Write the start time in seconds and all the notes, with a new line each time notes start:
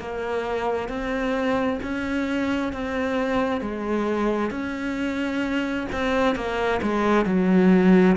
0.00 A#3
0.89 C4
1.83 C#4
2.73 C4
3.62 G#3
4.51 C#4
5.93 C4
6.36 A#3
6.83 G#3
7.26 F#3